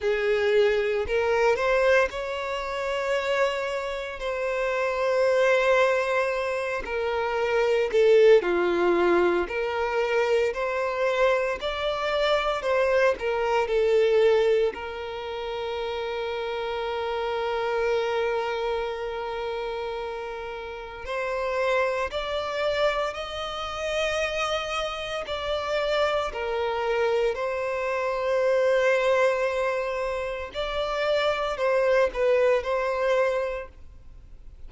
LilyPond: \new Staff \with { instrumentName = "violin" } { \time 4/4 \tempo 4 = 57 gis'4 ais'8 c''8 cis''2 | c''2~ c''8 ais'4 a'8 | f'4 ais'4 c''4 d''4 | c''8 ais'8 a'4 ais'2~ |
ais'1 | c''4 d''4 dis''2 | d''4 ais'4 c''2~ | c''4 d''4 c''8 b'8 c''4 | }